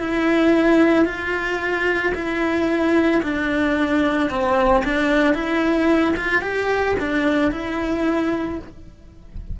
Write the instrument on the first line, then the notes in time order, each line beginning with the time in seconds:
cello
0.00 E4
1.06 F4
2.15 E4
3.23 D4
4.30 C4
4.84 D4
5.34 E4
6.17 F4
6.42 G4
6.99 D4
7.51 E4